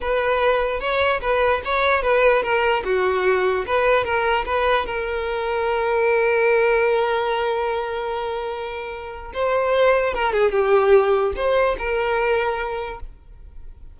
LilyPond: \new Staff \with { instrumentName = "violin" } { \time 4/4 \tempo 4 = 148 b'2 cis''4 b'4 | cis''4 b'4 ais'4 fis'4~ | fis'4 b'4 ais'4 b'4 | ais'1~ |
ais'1~ | ais'2. c''4~ | c''4 ais'8 gis'8 g'2 | c''4 ais'2. | }